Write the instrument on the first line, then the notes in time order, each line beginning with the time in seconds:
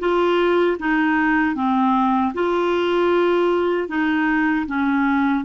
clarinet
0.00 F4
0.80 D#4
1.55 C4
2.34 F4
3.89 D#4
4.67 C#4